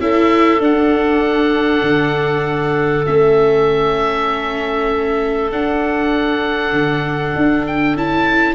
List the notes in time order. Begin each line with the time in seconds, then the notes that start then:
0.00 C#4 E4 A4 E5
0.60 D4 F#5
1.82 D3
3.05 A3 C#4 E5
5.51 D4 F#5
6.72 D3
7.36 D4
7.66 G5
7.95 C#4 E4 A5